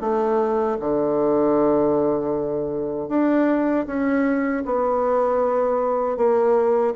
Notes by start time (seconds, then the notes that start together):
0.00 A3
0.80 D3
3.08 D4
3.86 C#4
4.65 B3
6.17 A#3